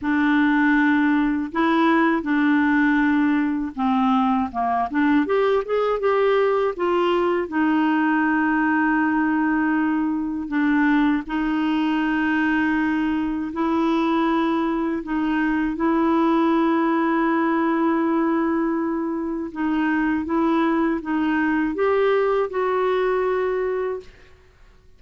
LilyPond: \new Staff \with { instrumentName = "clarinet" } { \time 4/4 \tempo 4 = 80 d'2 e'4 d'4~ | d'4 c'4 ais8 d'8 g'8 gis'8 | g'4 f'4 dis'2~ | dis'2 d'4 dis'4~ |
dis'2 e'2 | dis'4 e'2.~ | e'2 dis'4 e'4 | dis'4 g'4 fis'2 | }